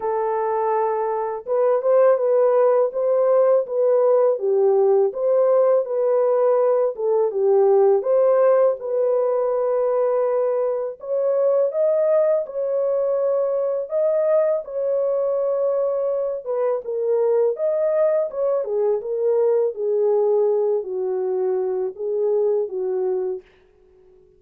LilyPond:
\new Staff \with { instrumentName = "horn" } { \time 4/4 \tempo 4 = 82 a'2 b'8 c''8 b'4 | c''4 b'4 g'4 c''4 | b'4. a'8 g'4 c''4 | b'2. cis''4 |
dis''4 cis''2 dis''4 | cis''2~ cis''8 b'8 ais'4 | dis''4 cis''8 gis'8 ais'4 gis'4~ | gis'8 fis'4. gis'4 fis'4 | }